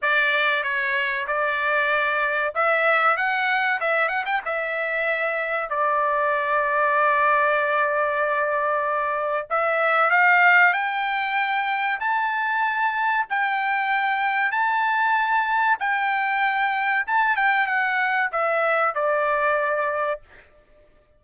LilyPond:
\new Staff \with { instrumentName = "trumpet" } { \time 4/4 \tempo 4 = 95 d''4 cis''4 d''2 | e''4 fis''4 e''8 fis''16 g''16 e''4~ | e''4 d''2.~ | d''2. e''4 |
f''4 g''2 a''4~ | a''4 g''2 a''4~ | a''4 g''2 a''8 g''8 | fis''4 e''4 d''2 | }